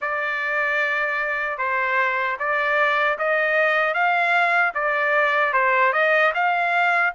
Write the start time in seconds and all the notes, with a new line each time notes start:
0.01 D5
1.58 C5
2.39 D5
3.18 D#5
3.94 F5
4.74 D5
5.53 C5
5.92 D#5
6.34 F5